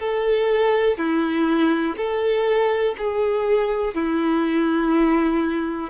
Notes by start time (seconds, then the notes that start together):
0.00 A4
0.98 E4
1.97 A4
2.98 G#4
3.95 E4